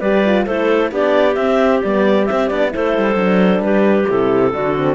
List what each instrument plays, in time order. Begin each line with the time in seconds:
0.00 cello G3, horn G4, clarinet B4 D5
0.25 horn F4
0.45 cello A3, horn E4, clarinet A4 C5
0.91 cello B3, horn D4, clarinet G4 D5
1.34 cello C4, horn C4, clarinet E5
1.82 cello G3, horn B3, clarinet D5
2.26 horn C4, cello C4, clarinet E5
2.48 cello B3, horn D4, clarinet D5
2.69 horn E4, clarinet A4 C5
2.76 cello A3
2.98 cello G3
3.15 cello F#3, horn D4
3.60 cello G3, clarinet G4 B4
4.08 cello C3, horn E4, clarinet A4
4.52 cello D3, horn D4, clarinet F#4
4.77 horn C4